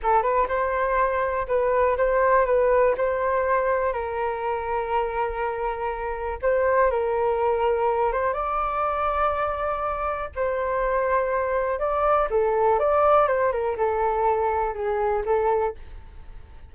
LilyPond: \new Staff \with { instrumentName = "flute" } { \time 4/4 \tempo 4 = 122 a'8 b'8 c''2 b'4 | c''4 b'4 c''2 | ais'1~ | ais'4 c''4 ais'2~ |
ais'8 c''8 d''2.~ | d''4 c''2. | d''4 a'4 d''4 c''8 ais'8 | a'2 gis'4 a'4 | }